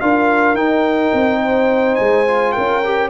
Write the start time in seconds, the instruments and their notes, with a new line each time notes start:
0.00 tuba D4, trombone F4, horn A#4, trumpet F5
0.54 tuba D#4, trombone D#4, trumpet G5
1.13 tuba C4
1.40 horn C5
1.95 tuba G#3, trumpet G#5
2.26 trombone F4
2.52 tuba C#4, horn A#4, trumpet G5
2.84 trombone G4